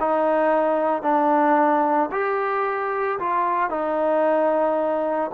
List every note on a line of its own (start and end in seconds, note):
0.00 1.03 D#4
1.03 2.10 D4
2.12 3.19 G4
3.19 3.70 F4
3.70 5.31 D#4